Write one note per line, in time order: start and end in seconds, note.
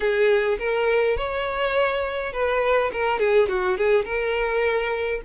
0.00 0.58 G#4
0.58 1.17 A#4
1.17 2.32 C#5
2.32 2.91 B4
2.92 3.19 A#4
3.19 3.48 G#4
3.48 3.77 F#4
3.77 4.04 G#4
4.04 5.21 A#4